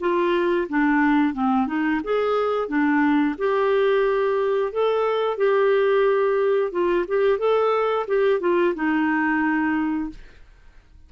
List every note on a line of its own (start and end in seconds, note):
0.00 0.67 F4
0.68 1.33 D4
1.33 1.67 C4
1.67 2.00 D#4
2.03 2.68 G#4
2.68 3.35 D4
3.38 4.72 G4
4.72 5.37 A4
5.37 6.71 G4
6.71 7.05 F4
7.07 7.39 G4
7.39 8.06 A4
8.07 8.40 G4
8.40 8.74 F4
8.75 10.09 D#4